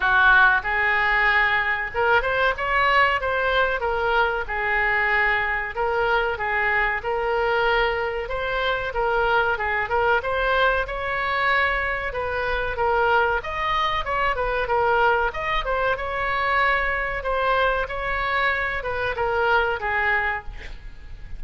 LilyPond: \new Staff \with { instrumentName = "oboe" } { \time 4/4 \tempo 4 = 94 fis'4 gis'2 ais'8 c''8 | cis''4 c''4 ais'4 gis'4~ | gis'4 ais'4 gis'4 ais'4~ | ais'4 c''4 ais'4 gis'8 ais'8 |
c''4 cis''2 b'4 | ais'4 dis''4 cis''8 b'8 ais'4 | dis''8 c''8 cis''2 c''4 | cis''4. b'8 ais'4 gis'4 | }